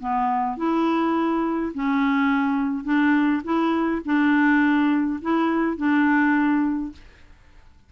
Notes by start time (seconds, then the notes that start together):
0.00 B3
0.58 E4
1.75 C#4
2.85 D4
3.44 E4
4.05 D4
5.22 E4
5.77 D4